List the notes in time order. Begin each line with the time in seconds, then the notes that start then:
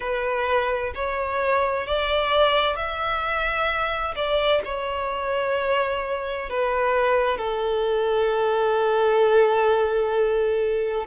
0.00 B4
0.94 C#5
1.87 D5
2.76 E5
4.15 D5
4.64 C#5
6.49 B4
7.37 A4